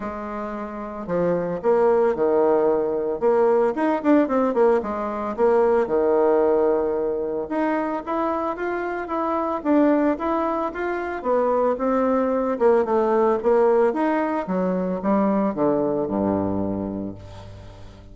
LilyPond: \new Staff \with { instrumentName = "bassoon" } { \time 4/4 \tempo 4 = 112 gis2 f4 ais4 | dis2 ais4 dis'8 d'8 | c'8 ais8 gis4 ais4 dis4~ | dis2 dis'4 e'4 |
f'4 e'4 d'4 e'4 | f'4 b4 c'4. ais8 | a4 ais4 dis'4 fis4 | g4 d4 g,2 | }